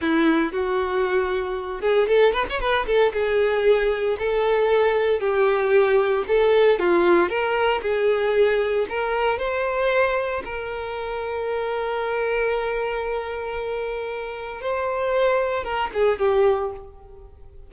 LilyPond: \new Staff \with { instrumentName = "violin" } { \time 4/4 \tempo 4 = 115 e'4 fis'2~ fis'8 gis'8 | a'8 b'16 cis''16 b'8 a'8 gis'2 | a'2 g'2 | a'4 f'4 ais'4 gis'4~ |
gis'4 ais'4 c''2 | ais'1~ | ais'1 | c''2 ais'8 gis'8 g'4 | }